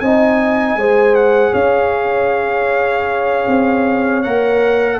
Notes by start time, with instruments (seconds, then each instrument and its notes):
0.00 tuba C4, trombone D#4, horn D#5, trumpet G#5
0.76 tuba G#3, trombone G#4, horn C5
1.15 trumpet F#5
1.52 tuba C#4, horn C#5, trumpet F5
3.48 tuba C4
4.23 tuba A#3, trombone A#4, trumpet F#5